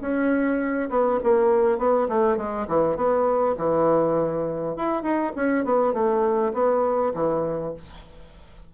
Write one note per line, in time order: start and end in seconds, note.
0.00 0.89 C#4
0.89 1.19 B3
1.23 1.78 A#3
1.78 2.08 B3
2.08 2.37 A3
2.37 2.66 G#3
2.67 2.96 E3
2.96 3.55 B3
3.57 4.76 E3
4.76 5.02 E4
5.02 5.32 D#4
5.35 5.64 C#4
5.64 5.93 B3
5.93 6.52 A3
6.53 7.13 B3
7.14 7.73 E3